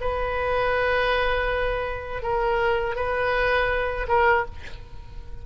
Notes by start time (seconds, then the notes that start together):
0.00 B4
2.22 A#4
2.95 B4
4.08 A#4